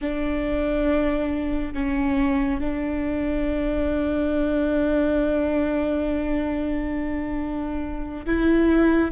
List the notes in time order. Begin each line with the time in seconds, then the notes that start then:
0.01 D4
1.73 C#4
2.60 D4
8.26 E4